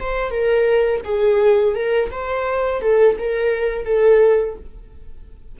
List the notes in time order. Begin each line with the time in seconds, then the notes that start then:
0.00 C5
0.30 A#4
1.05 G#4
1.75 A#4
2.11 C5
2.81 A4
3.19 A#4
3.85 A4